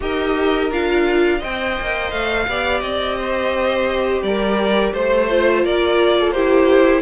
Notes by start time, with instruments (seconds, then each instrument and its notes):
0.00 cello D#4, viola G4, violin A#4 D#5
0.70 cello D4, viola F4, violin F5
1.38 cello C4, viola C5, violin D#5 G5
1.80 cello A#3
2.10 cello A3, violin F5
2.47 cello B3, viola G4, violin D5
2.80 cello C4, violin D#5
3.17 violin C5
4.22 cello G3, violin A#4 D5
4.93 cello A3, violin C5
5.29 viola F4
5.64 cello A#3, violin A#4 D5
6.19 violin A4
6.31 viola E4, violin G4 C5